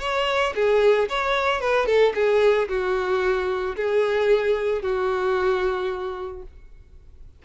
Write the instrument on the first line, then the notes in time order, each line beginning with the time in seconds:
violin
0.00 C#5
0.55 G#4
1.09 C#5
1.61 B4
1.86 A4
2.15 G#4
2.69 F#4
3.76 G#4
4.82 F#4